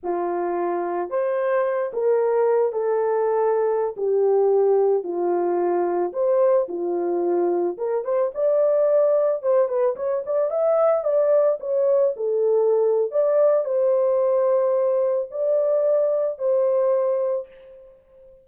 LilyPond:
\new Staff \with { instrumentName = "horn" } { \time 4/4 \tempo 4 = 110 f'2 c''4. ais'8~ | ais'4 a'2~ a'16 g'8.~ | g'4~ g'16 f'2 c''8.~ | c''16 f'2 ais'8 c''8 d''8.~ |
d''4~ d''16 c''8 b'8 cis''8 d''8 e''8.~ | e''16 d''4 cis''4 a'4.~ a'16 | d''4 c''2. | d''2 c''2 | }